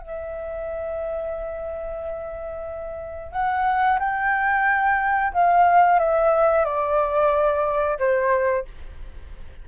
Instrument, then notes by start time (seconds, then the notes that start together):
flute
0.00 E5
3.32 F#5
3.99 G5
5.33 F5
5.99 E5
6.65 D5
7.98 C5